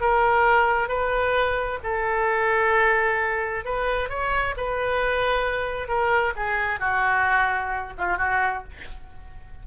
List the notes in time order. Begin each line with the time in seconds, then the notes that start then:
0.00 A#4
0.88 B4
1.83 A4
3.64 B4
4.09 C#5
4.56 B4
5.88 A#4
6.36 G#4
6.79 F#4
7.98 F4
8.17 F#4